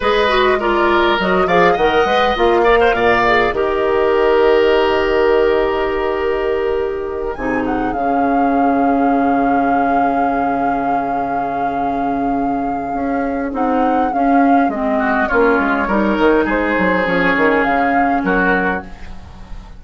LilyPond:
<<
  \new Staff \with { instrumentName = "flute" } { \time 4/4 \tempo 4 = 102 dis''4 d''4 dis''8 f''8 fis''4 | f''2 dis''2~ | dis''1~ | dis''8 gis''8 fis''8 f''2~ f''8~ |
f''1~ | f''2. fis''4 | f''4 dis''4 cis''2 | c''4 cis''4 f''4 ais'4 | }
  \new Staff \with { instrumentName = "oboe" } { \time 4/4 b'4 ais'4. d''8 dis''4~ | dis''8 d''16 c''16 d''4 ais'2~ | ais'1~ | ais'8 gis'2.~ gis'8~ |
gis'1~ | gis'1~ | gis'4. fis'8 f'4 ais'4 | gis'2. fis'4 | }
  \new Staff \with { instrumentName = "clarinet" } { \time 4/4 gis'8 fis'8 f'4 fis'8 gis'8 ais'8 b'8 | f'8 ais'4 gis'8 g'2~ | g'1~ | g'8 dis'4 cis'2~ cis'8~ |
cis'1~ | cis'2. dis'4 | cis'4 c'4 cis'4 dis'4~ | dis'4 cis'2. | }
  \new Staff \with { instrumentName = "bassoon" } { \time 4/4 gis2 fis8 f8 dis8 gis8 | ais4 ais,4 dis2~ | dis1~ | dis8 c4 cis2~ cis8~ |
cis1~ | cis2 cis'4 c'4 | cis'4 gis4 ais8 gis8 g8 dis8 | gis8 fis8 f8 dis8 cis4 fis4 | }
>>